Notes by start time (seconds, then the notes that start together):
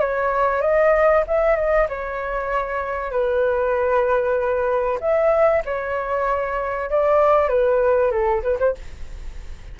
0.00 C#5
0.62 D#5
1.28 E5
1.56 D#5
1.89 C#5
3.12 B4
5.01 E5
5.66 C#5
6.90 D5
7.49 B4
8.11 A4
8.43 B4
8.60 C5